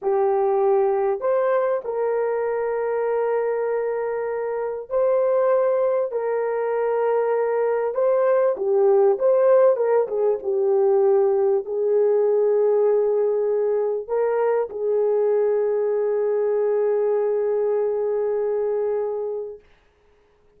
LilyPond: \new Staff \with { instrumentName = "horn" } { \time 4/4 \tempo 4 = 98 g'2 c''4 ais'4~ | ais'1 | c''2 ais'2~ | ais'4 c''4 g'4 c''4 |
ais'8 gis'8 g'2 gis'4~ | gis'2. ais'4 | gis'1~ | gis'1 | }